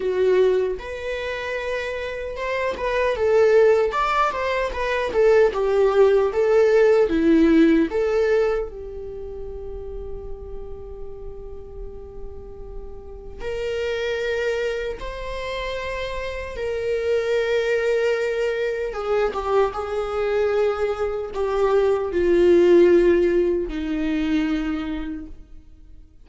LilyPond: \new Staff \with { instrumentName = "viola" } { \time 4/4 \tempo 4 = 76 fis'4 b'2 c''8 b'8 | a'4 d''8 c''8 b'8 a'8 g'4 | a'4 e'4 a'4 g'4~ | g'1~ |
g'4 ais'2 c''4~ | c''4 ais'2. | gis'8 g'8 gis'2 g'4 | f'2 dis'2 | }